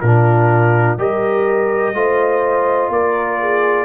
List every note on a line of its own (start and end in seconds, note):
0.00 0.97 A#2
0.00 0.98 D4
0.00 0.98 F4
0.00 0.97 A#4
0.97 1.94 G3
0.97 1.95 G4
0.97 1.95 A#4
0.97 2.92 D#5
1.94 2.90 A3
1.94 3.85 F4
1.94 2.92 C5
2.90 3.85 A#3
2.90 3.41 A#4
2.90 3.85 D5
3.41 3.85 G#4